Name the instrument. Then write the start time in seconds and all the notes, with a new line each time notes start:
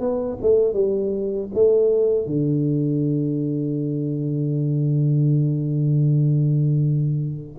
tuba
0.00 B3
0.42 A3
0.74 G3
1.54 A3
2.26 D3